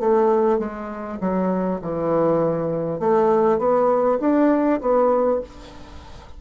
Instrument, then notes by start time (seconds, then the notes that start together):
bassoon
0.00 A3
0.59 G#3
1.21 F#3
1.82 E3
2.99 A3
3.58 B3
4.20 D4
4.81 B3